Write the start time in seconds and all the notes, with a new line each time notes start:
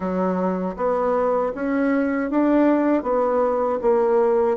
0.00 F#3
0.76 B3
1.54 C#4
2.30 D4
3.02 B3
3.81 A#3